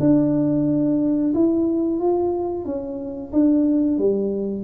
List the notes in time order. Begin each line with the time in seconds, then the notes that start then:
0.00 D4
1.34 E4
2.00 F4
2.65 C#4
3.32 D4
3.98 G3